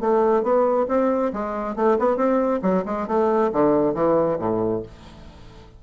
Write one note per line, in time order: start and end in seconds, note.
0.00 0.42 A3
0.42 0.86 B3
0.88 1.32 C4
1.33 1.76 G#3
1.76 1.97 A3
1.99 2.16 B3
2.16 2.60 C4
2.62 2.84 F#3
2.85 3.07 G#3
3.07 3.51 A3
3.52 3.94 D3
3.94 4.38 E3
4.39 4.83 A2